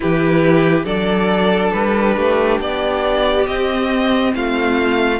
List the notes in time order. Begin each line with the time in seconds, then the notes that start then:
0.00 E3 E4 G4 B4
0.84 F#3 D4 A4 D5
1.72 G3 B4
2.16 A3 G4
2.59 B3 D5
3.46 C4 D#5
4.35 A3 F4 F5